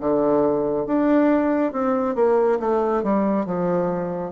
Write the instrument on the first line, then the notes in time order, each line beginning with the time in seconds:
bassoon
0.00 D3
0.86 D4
1.72 C4
2.15 A#3
2.60 A3
3.03 G3
3.46 F3